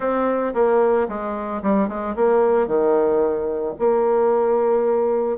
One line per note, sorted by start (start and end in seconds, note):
0.00 0.53 C4
0.54 1.07 A#3
1.08 1.61 G#3
1.62 1.88 G3
1.88 2.15 G#3
2.15 2.67 A#3
2.67 3.74 D#3
3.78 5.37 A#3